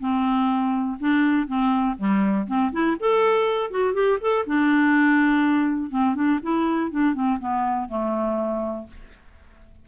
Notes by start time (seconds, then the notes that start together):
0.00 C4
1.00 D4
1.48 C4
1.98 G3
2.48 C4
2.72 E4
3.00 A4
3.71 F#4
3.94 G4
4.21 A4
4.47 D4
5.91 C4
6.15 D4
6.43 E4
6.91 D4
7.14 C4
7.40 B3
7.89 A3